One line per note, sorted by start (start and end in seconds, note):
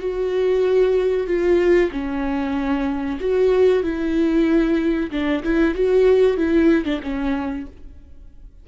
0.00 1.27 F#4
1.27 1.91 F4
1.91 3.19 C#4
3.20 3.83 F#4
3.83 5.11 E4
5.11 5.43 D4
5.43 5.75 E4
5.75 6.37 F#4
6.37 6.85 E4
6.85 7.01 D4
7.03 7.67 C#4